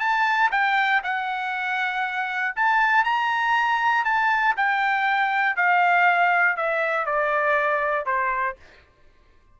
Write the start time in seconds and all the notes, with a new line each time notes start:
0.00 A5
0.51 G5
1.04 F#5
2.56 A5
3.04 A#5
4.05 A5
4.57 G5
5.56 F5
6.57 E5
7.06 D5
8.06 C5